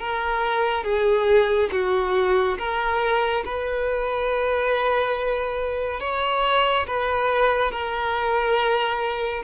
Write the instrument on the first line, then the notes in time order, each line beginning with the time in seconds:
violin
0.00 A#4
0.84 G#4
1.72 F#4
2.58 A#4
3.46 B4
6.01 C#5
6.87 B4
7.72 A#4